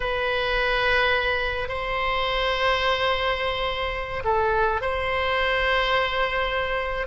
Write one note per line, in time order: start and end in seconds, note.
0.00 1.68 B4
1.68 4.23 C5
4.24 4.81 A4
4.81 7.07 C5